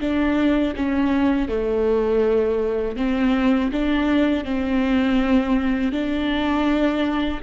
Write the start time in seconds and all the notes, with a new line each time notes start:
0.00 D4
0.76 C#4
1.48 A3
2.96 C4
3.72 D4
4.44 C4
5.92 D4